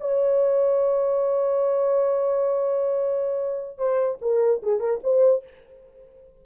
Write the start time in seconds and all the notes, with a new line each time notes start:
0.00 C#5
3.78 C5
4.21 A#4
4.62 G#4
4.80 A#4
5.03 C5